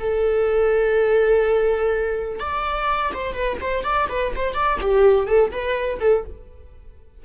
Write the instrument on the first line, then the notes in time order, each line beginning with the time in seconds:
viola
0.00 A4
2.40 D5
3.14 C5
3.34 B4
3.61 C5
3.84 D5
4.09 B4
4.36 C5
4.54 D5
4.81 G4
5.27 A4
5.52 B4
6.00 A4